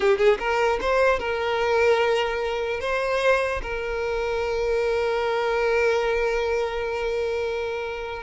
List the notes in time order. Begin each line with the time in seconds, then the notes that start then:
0.00 G4
0.17 G#4
0.39 A#4
0.80 C5
1.19 A#4
2.80 C5
3.62 A#4